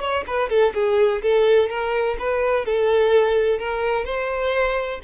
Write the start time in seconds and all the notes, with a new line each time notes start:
0.00 C#5
0.27 B4
0.49 A4
0.74 G#4
1.22 A4
1.69 A#4
2.19 B4
2.65 A4
3.59 A#4
4.05 C5